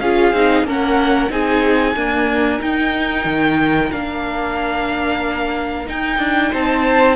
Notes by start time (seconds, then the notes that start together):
0.00 C#4 F4 G#4 F5
0.33 C4 D#4
0.63 A#3 C#4 A#4 F#5
1.30 C4 D#4 G#4 G#5
1.96 A#3 D4 A#4
2.60 D#4 G5
3.25 D#3
3.92 A#3 D4 F5
5.87 D#4 G5
6.19 D4
6.51 C4 C5 A5